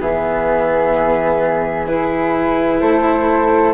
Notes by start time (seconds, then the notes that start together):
0.00 E3 B3 G#4 E5
1.88 E4 B4
2.81 A3 A4 C5